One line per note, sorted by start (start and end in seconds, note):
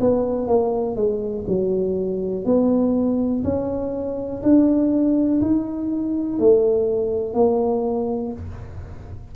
0.00 0.47 B3
0.47 0.96 A#3
0.96 1.45 G#3
1.47 2.45 F#3
2.45 3.43 B3
3.43 4.42 C#4
4.42 5.41 D4
5.41 6.39 D#4
6.39 7.34 A3
7.34 8.32 A#3